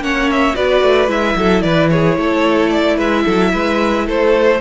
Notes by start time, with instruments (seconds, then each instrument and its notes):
0.00 cello A#3, viola C#4, violin C#5 F#5
0.31 violin E5
0.54 cello B3, viola F#4, violin B4 D5
0.82 cello A3
1.08 cello G#3, viola E4, violin E5
1.36 cello F#3, violin A4
1.62 cello E3, violin B4 D5
1.90 violin G#4 C#5
2.17 cello A3, violin A4
2.70 violin D5
2.97 cello G#3, violin B4 E5
3.25 cello F#3, violin A4
3.52 cello G#3, violin B4
4.06 cello A3, violin A4 C5